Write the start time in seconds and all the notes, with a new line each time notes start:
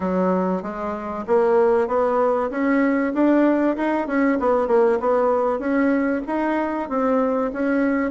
0.00 F#3
0.62 G#3
1.27 A#3
1.87 B3
2.50 C#4
3.14 D4
3.76 D#4
4.07 C#4
4.39 B3
4.67 A#3
5.00 B3
5.59 C#4
6.26 D#4
6.89 C4
7.52 C#4